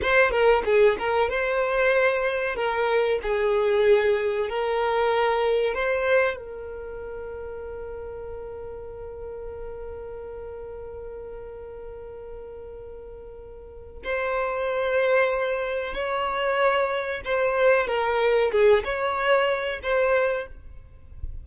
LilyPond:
\new Staff \with { instrumentName = "violin" } { \time 4/4 \tempo 4 = 94 c''8 ais'8 gis'8 ais'8 c''2 | ais'4 gis'2 ais'4~ | ais'4 c''4 ais'2~ | ais'1~ |
ais'1~ | ais'2 c''2~ | c''4 cis''2 c''4 | ais'4 gis'8 cis''4. c''4 | }